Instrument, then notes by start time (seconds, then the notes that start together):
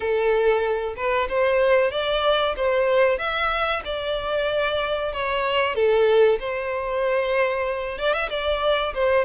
violin
0.00 A4
0.96 B4
1.28 C5
1.91 D5
2.56 C5
3.18 E5
3.85 D5
5.12 C#5
5.75 A4
6.39 C5
7.98 D5
8.13 E5
8.29 D5
8.94 C5